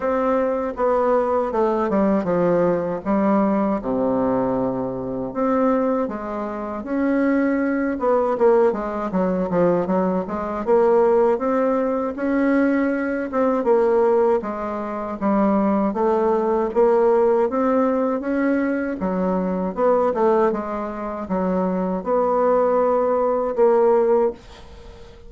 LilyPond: \new Staff \with { instrumentName = "bassoon" } { \time 4/4 \tempo 4 = 79 c'4 b4 a8 g8 f4 | g4 c2 c'4 | gis4 cis'4. b8 ais8 gis8 | fis8 f8 fis8 gis8 ais4 c'4 |
cis'4. c'8 ais4 gis4 | g4 a4 ais4 c'4 | cis'4 fis4 b8 a8 gis4 | fis4 b2 ais4 | }